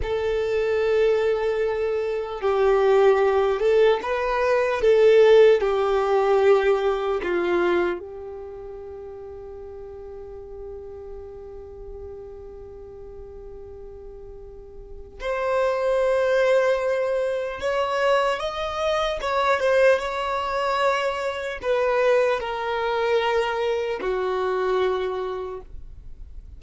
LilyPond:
\new Staff \with { instrumentName = "violin" } { \time 4/4 \tempo 4 = 75 a'2. g'4~ | g'8 a'8 b'4 a'4 g'4~ | g'4 f'4 g'2~ | g'1~ |
g'2. c''4~ | c''2 cis''4 dis''4 | cis''8 c''8 cis''2 b'4 | ais'2 fis'2 | }